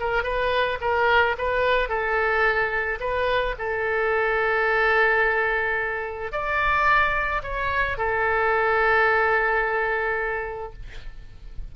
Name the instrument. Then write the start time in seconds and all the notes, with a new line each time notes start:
oboe
0.00 A#4
0.23 B4
0.81 A#4
1.38 B4
1.89 A4
3.00 B4
3.59 A4
6.32 D5
7.43 C#5
7.98 A4